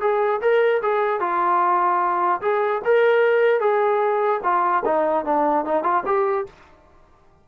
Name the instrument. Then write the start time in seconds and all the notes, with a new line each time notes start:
trombone
0.00 G#4
0.41 A#4
0.82 G#4
1.20 F4
2.41 G#4
2.84 A#4
3.60 G#4
4.43 F4
4.84 D#4
5.25 D4
5.65 D#4
5.83 F4
6.05 G4